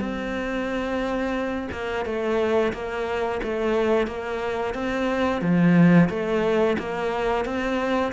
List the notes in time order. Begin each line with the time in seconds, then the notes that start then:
0.00 C4
1.72 A#3
2.06 A3
2.73 A#3
3.43 A3
4.08 A#3
4.75 C4
5.42 F3
6.10 A3
6.79 A#3
7.45 C4